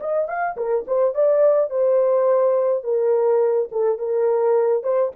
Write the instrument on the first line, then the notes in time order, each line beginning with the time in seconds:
horn
0.00 D#5
0.28 F5
0.57 A#4
0.87 C5
1.14 D5
1.70 C5
2.83 A#4
3.71 A4
3.98 A#4
4.83 C5